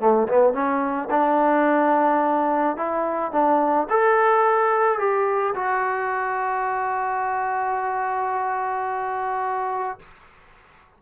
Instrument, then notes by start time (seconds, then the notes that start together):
trombone
0.00 A3
0.28 B3
0.53 C#4
1.11 D4
2.77 E4
3.32 D4
3.90 A4
4.99 G4
5.55 F#4